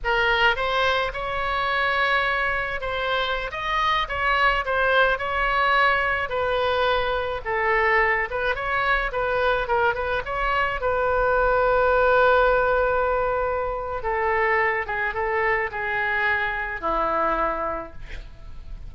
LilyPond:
\new Staff \with { instrumentName = "oboe" } { \time 4/4 \tempo 4 = 107 ais'4 c''4 cis''2~ | cis''4 c''4~ c''16 dis''4 cis''8.~ | cis''16 c''4 cis''2 b'8.~ | b'4~ b'16 a'4. b'8 cis''8.~ |
cis''16 b'4 ais'8 b'8 cis''4 b'8.~ | b'1~ | b'4 a'4. gis'8 a'4 | gis'2 e'2 | }